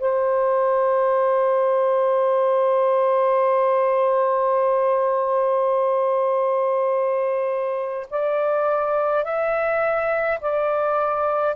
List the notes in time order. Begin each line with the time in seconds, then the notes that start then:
0.00 C5
8.10 D5
9.25 E5
10.41 D5